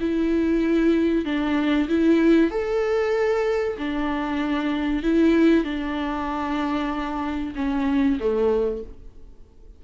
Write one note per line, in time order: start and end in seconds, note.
0.00 1.25 E4
1.25 1.88 D4
1.89 2.51 E4
2.51 3.77 A4
3.78 5.03 D4
5.03 5.64 E4
5.64 7.54 D4
7.55 8.18 C#4
8.20 8.83 A3